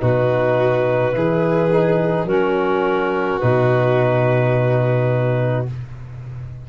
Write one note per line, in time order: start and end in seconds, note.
0.00 1.14 B2
0.00 1.12 D#4
0.00 1.15 F#4
0.00 2.26 B4
1.12 2.24 E3
1.12 1.69 E4
1.12 2.28 G#4
1.72 2.27 D#4
2.24 3.37 F#3
2.24 3.40 C#4
2.24 5.67 F#4
2.24 3.39 A#4
3.39 5.69 B2
3.39 5.67 D#4
3.39 5.65 B4